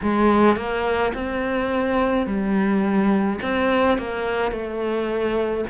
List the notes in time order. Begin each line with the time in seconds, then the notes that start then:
0.02 G#3
0.56 A#3
1.14 C4
2.26 G3
3.42 C4
3.97 A#3
4.51 A3